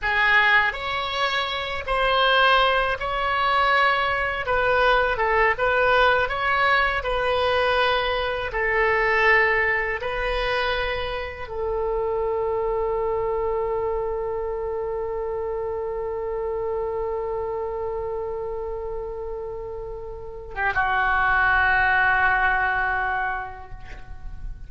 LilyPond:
\new Staff \with { instrumentName = "oboe" } { \time 4/4 \tempo 4 = 81 gis'4 cis''4. c''4. | cis''2 b'4 a'8 b'8~ | b'8 cis''4 b'2 a'8~ | a'4. b'2 a'8~ |
a'1~ | a'1~ | a'2.~ a'8. g'16 | fis'1 | }